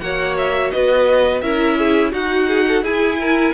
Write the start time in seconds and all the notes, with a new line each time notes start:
0.00 A#3 F#4 C#5 F#5
0.38 E5
0.71 B3 B4 D#5
1.41 C#4 E4 A#4 E5
1.78 G#4
2.12 D#4 F#4 F#5
2.47 G#4
2.67 A4
2.82 E4 G#4 G#5
3.20 A#4